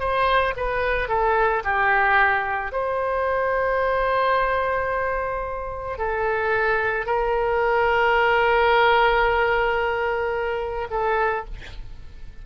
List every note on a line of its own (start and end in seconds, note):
0.00 0.55 C5
0.57 1.09 B4
1.09 1.63 A4
1.64 2.72 G4
2.72 5.98 C5
5.98 7.06 A4
7.06 10.88 A#4
10.90 11.45 A4